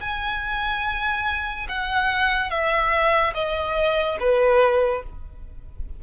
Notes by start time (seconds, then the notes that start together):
0.00 G#5
1.68 F#5
2.50 E5
3.34 D#5
4.19 B4